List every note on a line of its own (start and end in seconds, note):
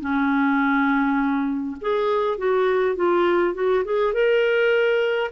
0.00 1.76 C#4
1.81 2.38 G#4
2.38 2.95 F#4
2.95 3.54 F4
3.54 3.83 F#4
3.84 4.13 G#4
4.13 5.31 A#4